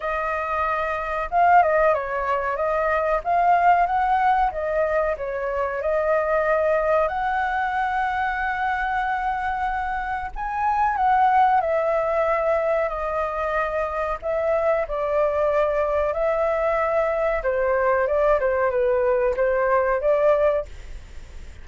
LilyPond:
\new Staff \with { instrumentName = "flute" } { \time 4/4 \tempo 4 = 93 dis''2 f''8 dis''8 cis''4 | dis''4 f''4 fis''4 dis''4 | cis''4 dis''2 fis''4~ | fis''1 |
gis''4 fis''4 e''2 | dis''2 e''4 d''4~ | d''4 e''2 c''4 | d''8 c''8 b'4 c''4 d''4 | }